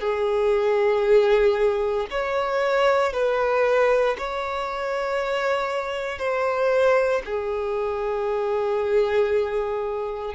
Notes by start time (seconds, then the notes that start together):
0.00 G#4
2.10 C#5
3.13 B4
4.18 C#5
6.18 C5
7.25 G#4